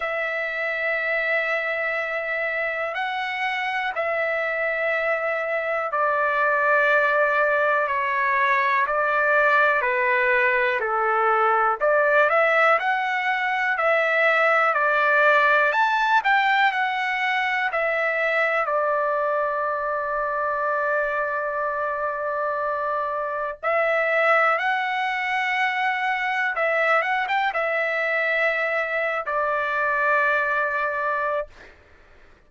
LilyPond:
\new Staff \with { instrumentName = "trumpet" } { \time 4/4 \tempo 4 = 61 e''2. fis''4 | e''2 d''2 | cis''4 d''4 b'4 a'4 | d''8 e''8 fis''4 e''4 d''4 |
a''8 g''8 fis''4 e''4 d''4~ | d''1 | e''4 fis''2 e''8 fis''16 g''16 | e''4.~ e''16 d''2~ d''16 | }